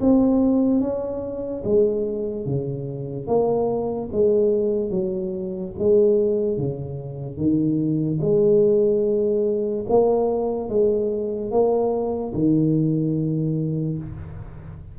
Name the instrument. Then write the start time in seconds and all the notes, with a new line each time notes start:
tuba
0.00 C4
0.80 C#4
1.64 G#3
2.46 C#3
3.27 A#3
4.12 G#3
4.90 F#3
5.78 G#3
6.57 C#3
7.37 D#3
8.21 G#3
9.89 A#3
10.69 G#3
11.51 A#3
12.34 D#3